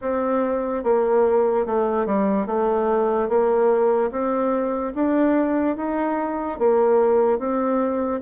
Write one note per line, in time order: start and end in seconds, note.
0.01 0.83 C4
0.83 1.66 A#3
1.66 2.05 A3
2.05 2.46 G3
2.46 3.28 A3
3.28 4.11 A#3
4.11 4.93 C4
4.94 5.76 D4
5.76 6.58 D#4
6.58 7.38 A#3
7.38 8.20 C4